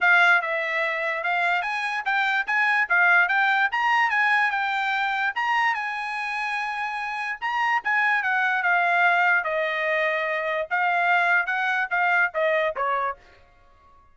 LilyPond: \new Staff \with { instrumentName = "trumpet" } { \time 4/4 \tempo 4 = 146 f''4 e''2 f''4 | gis''4 g''4 gis''4 f''4 | g''4 ais''4 gis''4 g''4~ | g''4 ais''4 gis''2~ |
gis''2 ais''4 gis''4 | fis''4 f''2 dis''4~ | dis''2 f''2 | fis''4 f''4 dis''4 cis''4 | }